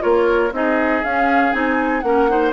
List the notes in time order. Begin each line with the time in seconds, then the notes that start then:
0.00 A#3 F4 A#4 C#5
0.52 C4 D#4 G#4 D#5
1.05 C#4 F5
1.52 C4 D#4 G#5
2.01 A#3 C#4 A#4 F#5
2.29 D#4 C5